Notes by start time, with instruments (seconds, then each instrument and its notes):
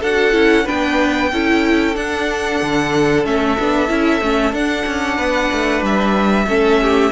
0.00 cello D4, viola F#4, violin A4 F#5
0.32 cello C#4, viola E4
0.65 cello B3, viola D4, violin B4 G5
1.32 cello C#4, viola E4, violin A4
1.95 viola D4, cello D4, violin F#5
2.61 cello D3
3.24 cello A3, viola C#4, violin E5
3.59 cello B3, viola D4
3.88 cello C#4, viola E4
4.21 cello A3, viola C#4
4.52 cello D4, viola D4, violin F#5
4.86 cello C#4
5.17 cello B3, violin B4
5.52 cello A3
5.81 cello G3, violin E5
6.47 cello A3, viola C#4, violin A4
6.81 violin G4